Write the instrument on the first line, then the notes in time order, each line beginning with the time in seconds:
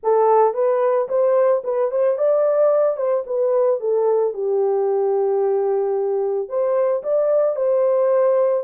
horn
0.03 A4
0.54 B4
1.08 C5
1.64 B4
1.91 C5
2.17 D5
2.97 C5
3.26 B4
3.80 A4
4.33 G4
6.48 C5
7.03 D5
7.56 C5